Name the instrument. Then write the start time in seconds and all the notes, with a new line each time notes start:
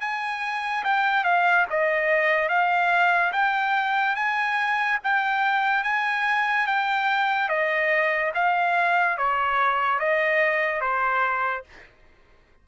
trumpet
0.00 G#5
0.83 G5
1.23 F5
1.70 D#5
2.48 F5
3.32 G5
4.15 G#5
5.03 G5
5.83 G#5
6.66 G5
7.48 D#5
8.34 F5
9.17 C#5
9.98 D#5
10.80 C5